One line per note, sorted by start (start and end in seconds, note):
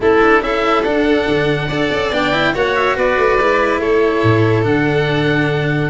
0.00 0.41 A3
0.00 0.18 C#4
0.00 0.43 E4
0.00 0.43 A4
0.21 0.41 D4
0.41 0.84 C#4
0.41 0.84 E4
0.41 1.67 A4
0.41 0.83 E5
0.83 1.26 D4
0.83 1.69 D4
0.83 2.10 F#5
1.27 1.68 D3
1.67 1.89 D4
1.67 2.12 A4
1.67 2.52 D5
1.91 2.10 C#4
2.10 2.52 B3
2.10 2.32 D4
2.10 2.54 G5
2.32 2.53 E4
2.54 2.96 A#3
2.54 3.38 F#4
2.54 2.96 C#5
2.54 2.75 F#5
2.75 2.96 E5
2.96 3.17 B3
2.96 3.80 B4
2.96 3.80 D5
3.17 3.38 A3
3.38 3.77 G#3
3.38 4.62 E4
3.77 4.20 A3
3.77 5.90 A4
3.77 4.65 C#5
4.23 4.65 A2
4.62 5.90 D3
4.62 5.89 D4
4.62 5.90 F#5